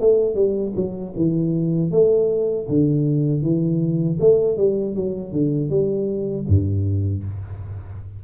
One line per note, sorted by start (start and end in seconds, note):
0.00 0.35 A3
0.35 0.73 G3
0.76 1.14 F#3
1.16 1.91 E3
1.91 2.67 A3
2.69 3.42 D3
3.42 4.18 E3
4.20 4.57 A3
4.57 4.95 G3
4.95 5.32 F#3
5.32 5.70 D3
5.70 6.46 G3
6.48 7.24 G2